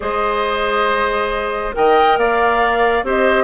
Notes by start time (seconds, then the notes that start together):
0.00 G#3 G#4 C5 D#5
1.73 D#3 A#4 D#5 G5
2.16 A#3 D5 F5
3.02 C4 G4 C5 D#5